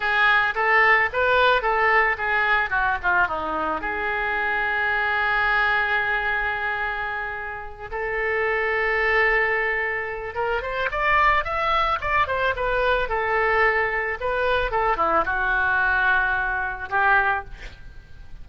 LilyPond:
\new Staff \with { instrumentName = "oboe" } { \time 4/4 \tempo 4 = 110 gis'4 a'4 b'4 a'4 | gis'4 fis'8 f'8 dis'4 gis'4~ | gis'1~ | gis'2~ gis'8 a'4.~ |
a'2. ais'8 c''8 | d''4 e''4 d''8 c''8 b'4 | a'2 b'4 a'8 e'8 | fis'2. g'4 | }